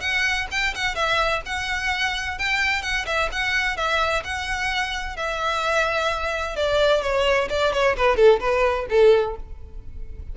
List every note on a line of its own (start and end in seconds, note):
0.00 0.47 F#5
0.51 0.74 G5
0.75 0.95 F#5
0.95 1.41 E5
1.45 2.38 F#5
2.38 2.82 G5
2.82 3.05 F#5
3.06 3.29 E5
3.32 3.77 F#5
3.77 4.23 E5
4.24 5.16 F#5
5.16 6.56 E5
6.56 7.02 D5
7.02 7.48 C#5
7.49 7.72 D5
7.73 7.96 C#5
7.96 8.16 B4
8.16 8.39 A4
8.40 8.86 B4
8.89 9.36 A4